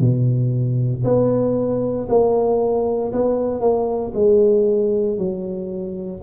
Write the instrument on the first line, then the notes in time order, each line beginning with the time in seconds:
tuba
0.00 B2
1.04 B3
2.09 A#3
3.12 B3
3.60 A#3
4.14 G#3
5.18 F#3